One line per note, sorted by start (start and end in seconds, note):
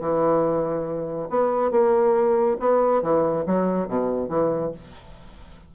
0.00 1.29 E3
1.29 1.71 B3
1.71 2.57 A#3
2.59 3.02 B3
3.02 3.45 E3
3.46 3.88 F#3
3.88 4.29 B2
4.29 4.71 E3